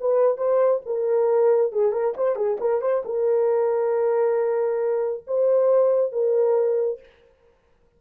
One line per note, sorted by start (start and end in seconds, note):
0.00 0.37 B4
0.37 0.81 C5
0.86 1.72 A#4
1.72 1.92 G#4
1.92 2.14 A#4
2.17 2.35 C5
2.35 2.57 G#4
2.60 2.81 A#4
2.81 3.03 C5
3.05 5.24 A#4
5.27 6.12 C5
6.12 7.00 A#4